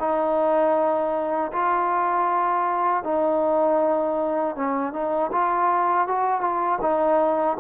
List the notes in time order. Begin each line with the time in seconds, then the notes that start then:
0.00 D#4
1.53 F4
3.04 D#4
4.56 C#4
4.93 D#4
5.32 F4
6.08 F#4
6.41 F4
6.82 D#4